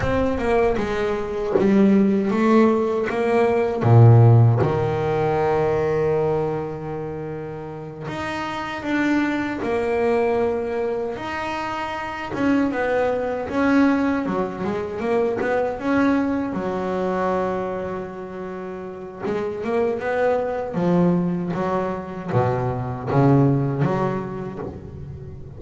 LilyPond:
\new Staff \with { instrumentName = "double bass" } { \time 4/4 \tempo 4 = 78 c'8 ais8 gis4 g4 a4 | ais4 ais,4 dis2~ | dis2~ dis8 dis'4 d'8~ | d'8 ais2 dis'4. |
cis'8 b4 cis'4 fis8 gis8 ais8 | b8 cis'4 fis2~ fis8~ | fis4 gis8 ais8 b4 f4 | fis4 b,4 cis4 fis4 | }